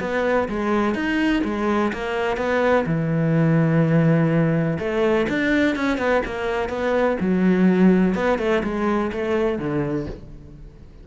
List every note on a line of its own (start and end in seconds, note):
0.00 0.48 B3
0.48 0.94 G#3
0.94 1.42 D#4
1.44 1.92 G#3
1.93 2.37 A#3
2.37 2.85 B3
2.86 4.78 E3
4.79 5.27 A3
5.29 5.76 D4
5.76 5.97 C#4
5.97 6.21 B3
6.25 6.69 A#3
6.69 7.17 B3
7.20 8.14 F#3
8.14 8.38 B3
8.38 8.62 A3
8.63 9.11 G#3
9.12 9.58 A3
9.58 10.06 D3